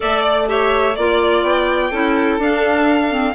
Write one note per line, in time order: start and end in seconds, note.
0.00 0.97 A3
0.00 0.45 A4
0.00 0.48 D5
0.00 0.22 E5
0.22 0.46 D5
0.47 0.95 G4
0.47 0.96 C#5
0.47 0.95 E5
0.95 1.42 A#3
0.95 1.92 F4
0.95 1.43 D5
0.95 1.90 D5
1.42 1.90 B3
1.42 2.39 G5
1.90 2.38 C#4
1.90 2.40 E4
1.90 3.34 A4
2.38 3.34 D4
2.38 3.10 D4
2.38 3.35 F5
3.10 3.34 C4